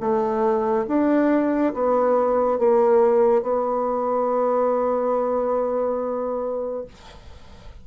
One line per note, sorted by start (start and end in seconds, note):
0.00 0.86 A3
0.88 1.73 D4
1.74 2.59 B3
2.59 3.42 A#3
3.42 6.85 B3